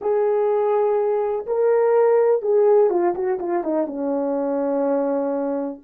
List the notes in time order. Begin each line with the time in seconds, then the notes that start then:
0.01 G#4
1.46 A#4
2.42 G#4
2.90 F4
3.14 F#4
3.39 F4
3.63 D#4
3.87 C#4